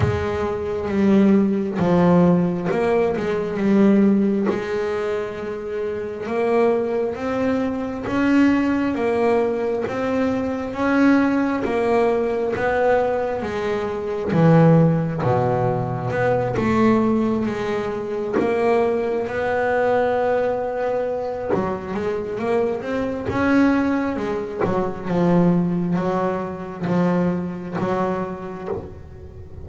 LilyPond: \new Staff \with { instrumentName = "double bass" } { \time 4/4 \tempo 4 = 67 gis4 g4 f4 ais8 gis8 | g4 gis2 ais4 | c'4 cis'4 ais4 c'4 | cis'4 ais4 b4 gis4 |
e4 b,4 b8 a4 gis8~ | gis8 ais4 b2~ b8 | fis8 gis8 ais8 c'8 cis'4 gis8 fis8 | f4 fis4 f4 fis4 | }